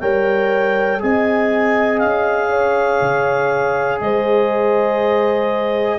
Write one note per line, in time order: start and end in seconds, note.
0.00 1.01 G3
0.00 0.99 A#4
0.00 1.00 C#5
0.00 1.00 G5
0.99 2.02 C4
0.99 5.99 G#4
0.99 2.49 D#5
0.99 1.98 G#5
1.98 3.01 C#4
1.98 3.98 F5
2.49 3.99 C#5
3.01 4.00 C#3
4.00 5.99 G#3
4.00 5.99 C5
4.00 5.99 D#5